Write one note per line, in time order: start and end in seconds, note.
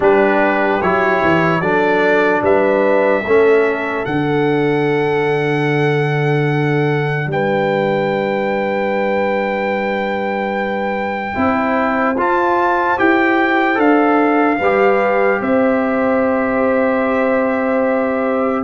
0.00 0.80 G3
0.00 0.81 D4
0.00 1.60 G4
0.00 0.82 B4
0.82 1.22 F#3
0.82 1.61 E4
0.82 1.60 C#5
1.23 1.60 E3
1.60 2.41 F#3
1.60 3.24 D4
1.60 2.42 A4
1.60 2.41 D5
2.42 3.23 G3
2.42 3.23 B4
2.42 4.05 E5
3.23 4.05 A3
3.23 4.06 C#4
3.23 7.28 A4
4.05 7.27 D3
4.05 11.34 D4
4.05 7.29 F#5
7.27 11.32 G3
7.27 11.37 B4
7.27 12.18 G5
11.34 12.16 C4
11.34 12.16 E4
11.34 14.58 C5
12.16 12.97 F4
12.16 12.98 A5
12.97 13.77 E4
12.97 13.75 G4
12.97 13.79 G5
13.75 14.58 D4
13.75 14.56 A4
13.75 15.41 F5
14.58 15.40 G3
14.58 18.64 G4
14.58 15.39 B4
15.40 18.64 C4
15.40 18.64 C5
15.40 18.64 E5